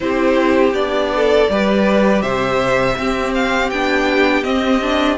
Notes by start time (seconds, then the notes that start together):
0.00 C4 E4 G4 C5
0.73 B3 D4 D5
1.15 A4
1.49 G3 G4 B4
2.21 C3 C5 E5
2.97 C4 G4
3.34 F5
3.69 B3 D4 G5
4.43 C4 D#5
4.81 D4